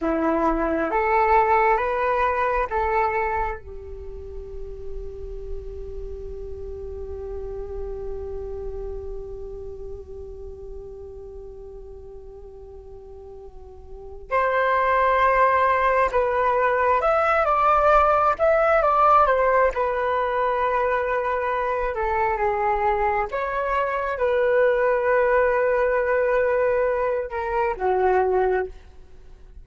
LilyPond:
\new Staff \with { instrumentName = "flute" } { \time 4/4 \tempo 4 = 67 e'4 a'4 b'4 a'4 | g'1~ | g'1~ | g'1 |
c''2 b'4 e''8 d''8~ | d''8 e''8 d''8 c''8 b'2~ | b'8 a'8 gis'4 cis''4 b'4~ | b'2~ b'8 ais'8 fis'4 | }